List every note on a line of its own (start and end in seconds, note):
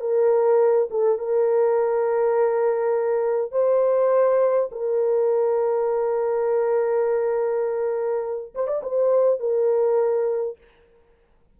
0.00 0.88 A#4
0.90 1.18 A4
1.18 3.52 A#4
3.52 4.69 C5
4.71 8.54 A#4
8.55 8.67 C5
8.67 8.82 D5
8.83 9.40 C5
9.40 10.57 A#4